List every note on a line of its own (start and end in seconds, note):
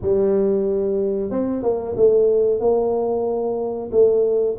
0.01 1.30 G3
1.30 1.62 C4
1.62 1.95 A#3
1.96 2.60 A3
2.60 3.90 A#3
3.91 4.56 A3